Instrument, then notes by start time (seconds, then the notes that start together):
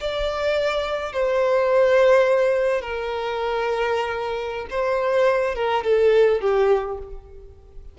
violin
0.00 D5
1.12 C5
2.81 A#4
4.70 C5
5.55 A#4
5.84 A4
6.41 G4